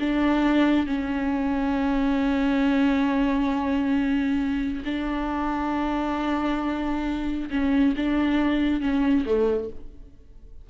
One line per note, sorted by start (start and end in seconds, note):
0.00 0.87 D4
0.87 4.84 C#4
4.85 7.50 D4
7.51 7.95 C#4
7.97 8.81 D4
8.81 9.25 C#4
9.26 9.70 A3